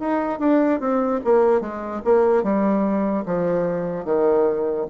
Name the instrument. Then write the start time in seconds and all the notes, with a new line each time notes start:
bassoon
0.00 D#4
0.39 D4
0.80 C4
1.25 A#3
1.61 G#3
2.05 A#3
2.44 G3
3.26 F3
4.05 D#3